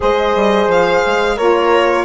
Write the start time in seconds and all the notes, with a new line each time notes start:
0.00 G#3 G#4 C5 D#5
0.35 G3
0.67 F3 F5
1.06 G#3
1.36 A#3 F4 A#4 C#5